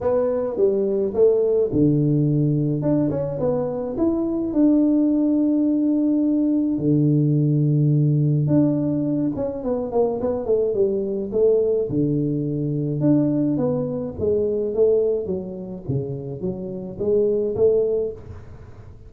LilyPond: \new Staff \with { instrumentName = "tuba" } { \time 4/4 \tempo 4 = 106 b4 g4 a4 d4~ | d4 d'8 cis'8 b4 e'4 | d'1 | d2. d'4~ |
d'8 cis'8 b8 ais8 b8 a8 g4 | a4 d2 d'4 | b4 gis4 a4 fis4 | cis4 fis4 gis4 a4 | }